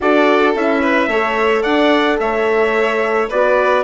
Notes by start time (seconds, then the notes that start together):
0.01 D4 F#4 A4 D5
0.55 C#4 E4 E5
0.81 B4
1.07 A3 A4 C#5
1.62 D4 D5 F#5
2.19 A3 C#5 E5
3.29 B3 F#4 B4 D5